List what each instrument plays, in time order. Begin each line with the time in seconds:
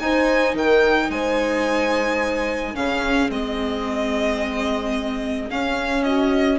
0.00 bassoon D#4, viola D#4, horn C5, violin G#5
0.55 bassoon D#3, horn A#4, violin G5
1.10 bassoon G#3, horn C5, violin G#5
2.75 bassoon C#3, viola C#4, horn G#4, violin F5
3.30 bassoon G#3, viola C4, violin D#5
5.50 viola C#4, bassoon C#4, violin F5
6.04 horn F#4, violin D#5